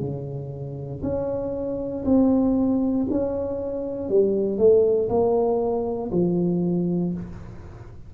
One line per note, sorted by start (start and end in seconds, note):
0.00 1.02 C#3
1.02 2.04 C#4
2.05 3.06 C4
3.10 4.09 C#4
4.09 4.58 G3
4.58 5.08 A3
5.09 6.11 A#3
6.12 7.13 F3